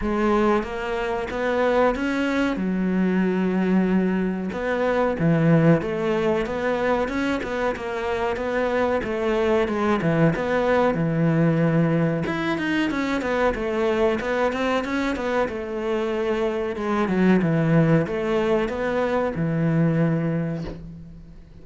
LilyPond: \new Staff \with { instrumentName = "cello" } { \time 4/4 \tempo 4 = 93 gis4 ais4 b4 cis'4 | fis2. b4 | e4 a4 b4 cis'8 b8 | ais4 b4 a4 gis8 e8 |
b4 e2 e'8 dis'8 | cis'8 b8 a4 b8 c'8 cis'8 b8 | a2 gis8 fis8 e4 | a4 b4 e2 | }